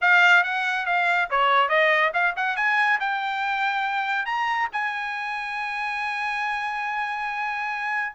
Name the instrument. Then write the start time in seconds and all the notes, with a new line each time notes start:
trumpet
0.01 F5
0.43 F#5
0.86 F5
1.30 C#5
1.68 D#5
2.13 F5
2.36 F#5
2.56 G#5
2.99 G5
4.25 A#5
4.72 G#5